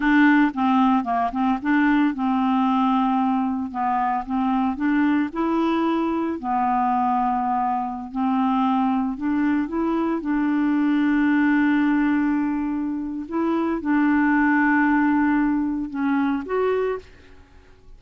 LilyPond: \new Staff \with { instrumentName = "clarinet" } { \time 4/4 \tempo 4 = 113 d'4 c'4 ais8 c'8 d'4 | c'2. b4 | c'4 d'4 e'2 | b2.~ b16 c'8.~ |
c'4~ c'16 d'4 e'4 d'8.~ | d'1~ | d'4 e'4 d'2~ | d'2 cis'4 fis'4 | }